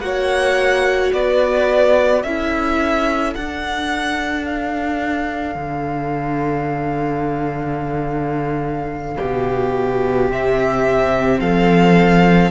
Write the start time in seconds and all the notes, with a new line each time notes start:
0.00 A#3 F#4 C#5 F#5
1.13 B3 B4 D5
2.23 C#4 E4 A4 E5
3.35 D4 F#5
4.45 F5
5.55 D3
9.17 B2 G4
10.30 C3 C4 E5
11.41 F3 A4 F5